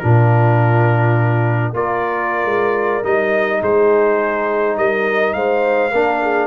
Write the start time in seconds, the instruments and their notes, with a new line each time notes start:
0.00 tuba A#2, trombone D4, horn F4, trumpet A#4
1.73 tuba A#3, trombone F4, horn A#4, trumpet D5
2.45 tuba G#3
3.04 tuba G3, trombone D#4, trumpet D#5
3.61 tuba G#3, horn G#4, trumpet C5
4.78 tuba G3, horn A#4, trumpet D#5
5.33 tuba G#3, horn C5, trumpet F5
5.92 tuba A#3, trombone D4, horn A#4
6.22 horn G#4